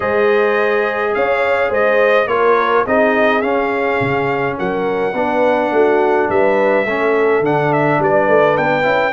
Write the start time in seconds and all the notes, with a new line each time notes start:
0.00 G#3 G#4 C5 D#5
1.14 C#4 C#5 F5
1.69 G#3 C5 D#5
2.26 A#3 F4 A#4 C#5
2.85 C4 D#4 G#4 D#5
3.41 C#4 F5
4.00 C#3
4.58 F#3 A#4 F#5
5.13 B3 D4 B4
5.71 A3 F#4
6.29 G3 B4 E5
6.85 A3 C#4 A4
7.40 D3 D4 F#5
7.72 E5
7.99 G3 B4 D5
8.28 A3
8.57 B3 G5
8.82 C#4 E4